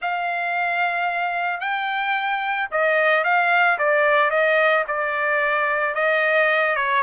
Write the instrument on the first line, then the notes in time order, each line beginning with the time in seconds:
trumpet
0.01 F5
1.60 G5
2.71 D#5
3.24 F5
3.78 D5
4.30 D#5
4.87 D5
5.95 D#5
6.76 C#5